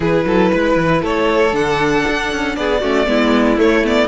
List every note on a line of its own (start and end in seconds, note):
0.00 0.25 E3
0.00 1.52 E4
0.00 0.25 G#4
0.00 1.04 B4
0.25 0.51 F#3
0.25 0.52 A4
0.52 0.76 G#3
0.52 1.02 B4
0.76 1.01 E3
1.02 1.52 A3
1.02 2.56 A4
1.02 1.55 C#5
1.52 2.04 D3
1.52 2.80 D4
1.52 2.56 F#5
2.08 2.32 D4
2.32 2.56 C#4
2.56 2.82 B3
2.56 2.81 G#4
2.56 3.58 D5
2.81 3.07 A3
2.81 3.06 C#4
2.81 3.06 F#4
3.06 3.58 G#3
3.06 3.57 B3
3.06 4.07 E4
3.57 3.82 A3
3.57 4.07 A3
3.57 3.86 C#5
3.84 4.07 B3
3.84 4.07 D5